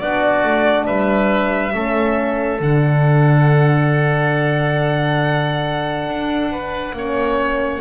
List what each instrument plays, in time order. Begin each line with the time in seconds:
0.00 double bass B3, horn D4, oboe F#4, violin D5
0.44 double bass A3
0.87 double bass G3, oboe B4, violin E5
1.74 double bass A3, horn C#4, oboe A4
2.60 double bass D3, horn D4, violin F#5
6.07 double bass D4
6.52 oboe B4
6.93 double bass A#3, horn C#4, oboe C#5